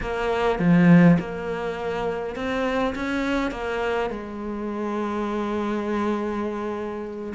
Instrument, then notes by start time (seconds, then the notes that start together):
cello
0.00 A#3
0.59 F3
1.19 A#3
2.35 C4
2.95 C#4
3.51 A#3
4.10 G#3